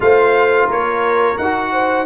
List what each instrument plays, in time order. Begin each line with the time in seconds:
0.00 tuba A3, trombone F4, horn C5, trumpet F5
0.66 tuba A#3, horn A#4, trumpet C#5
1.37 tuba D#4, trombone F#4, trumpet F#5
1.72 horn C5